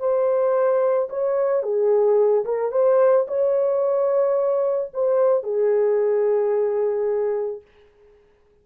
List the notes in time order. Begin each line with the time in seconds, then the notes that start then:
0.00 C5
1.10 C#5
1.63 G#4
2.45 A#4
2.72 C5
3.28 C#5
4.94 C5
5.44 G#4